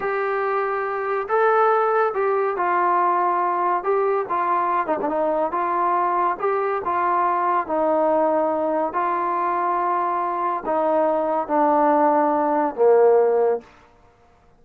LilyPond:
\new Staff \with { instrumentName = "trombone" } { \time 4/4 \tempo 4 = 141 g'2. a'4~ | a'4 g'4 f'2~ | f'4 g'4 f'4. dis'16 d'16 | dis'4 f'2 g'4 |
f'2 dis'2~ | dis'4 f'2.~ | f'4 dis'2 d'4~ | d'2 ais2 | }